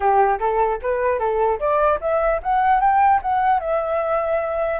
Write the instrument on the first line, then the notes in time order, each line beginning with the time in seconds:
flute
0.00 G4
0.39 A4
0.81 B4
1.19 A4
1.59 D5
2.01 E5
2.43 F#5
2.80 G5
3.21 F#5
3.60 E5